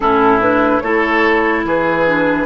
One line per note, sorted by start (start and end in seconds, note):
0.00 0.81 A2
0.00 0.40 C#4
0.00 0.83 E4
0.00 0.40 A4
0.40 0.81 D4
0.40 0.79 B4
0.79 1.64 A3
0.79 2.06 E4
0.79 1.65 A4
0.79 1.62 C#5
1.64 2.46 E3
1.64 2.46 G#4
1.64 2.46 B4
2.06 2.46 D4